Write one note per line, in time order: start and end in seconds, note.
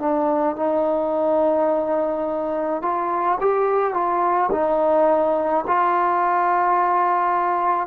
0.00 0.56 D4
0.56 2.82 D#4
2.82 3.39 F4
3.41 3.94 G4
3.94 4.50 F4
4.51 5.64 D#4
5.67 7.87 F4